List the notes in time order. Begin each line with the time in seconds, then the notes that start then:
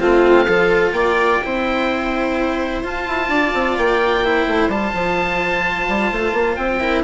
0.00 A3 C4 F4 F5
0.46 F3 F4 A4
0.92 A#3 D5 G5
1.44 C4 E4 C5
2.84 F4 A5
3.08 E4
3.29 D4 D5
3.54 C4
3.78 A#3 G5
4.25 E4 C5
4.47 A3
4.69 G3 F4 A5
4.94 F3
5.89 G3
6.12 A3
6.33 A#3
6.56 C4 G5
6.81 E4 A#4